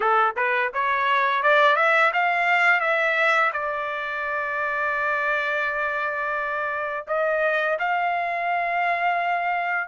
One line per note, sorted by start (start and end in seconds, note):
0.00 0.35 A4
0.36 0.72 B4
0.73 1.42 C#5
1.42 1.76 D5
1.76 2.11 E5
2.13 2.80 F5
2.80 3.51 E5
3.52 7.05 D5
7.07 7.77 D#5
7.79 9.88 F5